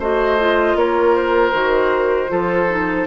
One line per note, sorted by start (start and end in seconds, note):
0.00 0.75 A3
0.00 0.39 F#4
0.00 0.77 C5
0.00 0.78 D#5
0.40 1.53 F4
0.75 1.52 A#3
0.75 2.31 A#4
0.75 1.16 C#5
1.16 3.07 C5
1.53 2.31 D#3
1.53 2.28 F#4
2.28 3.07 F3
2.28 2.66 F4
2.28 3.07 A4
2.70 3.07 D#4